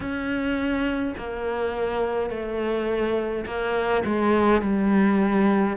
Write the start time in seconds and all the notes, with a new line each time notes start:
0.00 C#4
1.17 A#3
2.30 A3
3.46 A#3
4.05 G#3
4.62 G3